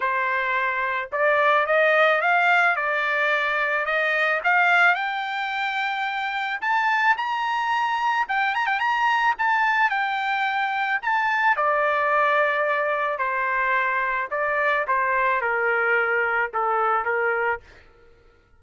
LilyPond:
\new Staff \with { instrumentName = "trumpet" } { \time 4/4 \tempo 4 = 109 c''2 d''4 dis''4 | f''4 d''2 dis''4 | f''4 g''2. | a''4 ais''2 g''8 ais''16 g''16 |
ais''4 a''4 g''2 | a''4 d''2. | c''2 d''4 c''4 | ais'2 a'4 ais'4 | }